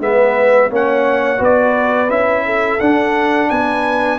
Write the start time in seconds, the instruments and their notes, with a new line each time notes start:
0.00 tuba G#3, trombone B3, horn B4, trumpet E5
0.70 tuba A#3, trombone C#4, horn C#5, trumpet F#5
1.38 tuba B3, trombone F#4, horn B4, trumpet D5
2.10 tuba C#4, trombone E4, trumpet E5
2.46 horn A4
2.81 trombone D4, tuba D4, trumpet F#5
3.50 tuba B3, horn B4, trumpet G#5